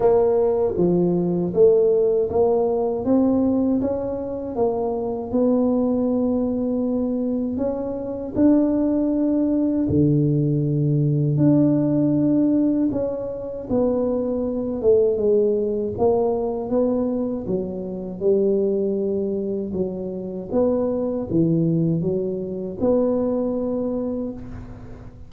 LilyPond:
\new Staff \with { instrumentName = "tuba" } { \time 4/4 \tempo 4 = 79 ais4 f4 a4 ais4 | c'4 cis'4 ais4 b4~ | b2 cis'4 d'4~ | d'4 d2 d'4~ |
d'4 cis'4 b4. a8 | gis4 ais4 b4 fis4 | g2 fis4 b4 | e4 fis4 b2 | }